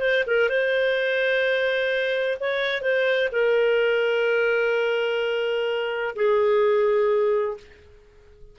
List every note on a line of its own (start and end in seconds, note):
0.00 0.24 C5
0.27 0.49 A#4
0.49 2.38 C5
2.40 2.81 C#5
2.81 3.29 C5
3.31 6.15 A#4
6.15 7.57 G#4